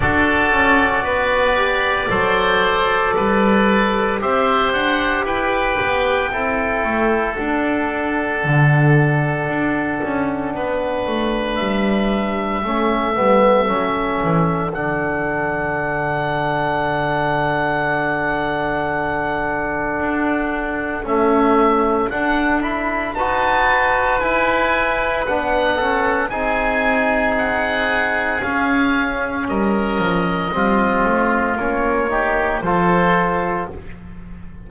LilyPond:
<<
  \new Staff \with { instrumentName = "oboe" } { \time 4/4 \tempo 4 = 57 d''1 | e''8 fis''8 g''2 fis''4~ | fis''2. e''4~ | e''2 fis''2~ |
fis''1 | e''4 fis''8 b''8 a''4 gis''4 | fis''4 gis''4 fis''4 f''4 | dis''2 cis''4 c''4 | }
  \new Staff \with { instrumentName = "oboe" } { \time 4/4 a'4 b'4 c''4 b'4 | c''4 b'4 a'2~ | a'2 b'2 | a'1~ |
a'1~ | a'2 b'2~ | b'8 a'8 gis'2. | ais'4 f'4. g'8 a'4 | }
  \new Staff \with { instrumentName = "trombone" } { \time 4/4 fis'4. g'8 a'2 | g'2 e'4 d'4~ | d'1 | cis'8 b8 cis'4 d'2~ |
d'1 | a4 d'8 e'8 fis'4 e'4 | d'8 cis'8 dis'2 cis'4~ | cis'4 c'4 cis'8 dis'8 f'4 | }
  \new Staff \with { instrumentName = "double bass" } { \time 4/4 d'8 cis'8 b4 fis4 g4 | c'8 d'8 e'8 b8 c'8 a8 d'4 | d4 d'8 cis'8 b8 a8 g4 | a8 g8 fis8 e8 d2~ |
d2. d'4 | cis'4 d'4 dis'4 e'4 | b4 c'2 cis'4 | g8 f8 g8 a8 ais4 f4 | }
>>